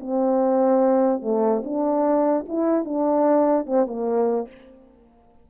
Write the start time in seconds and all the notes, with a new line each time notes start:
0.00 C4
1.22 A3
1.64 D4
2.48 E4
2.84 D4
3.66 C4
3.86 A#3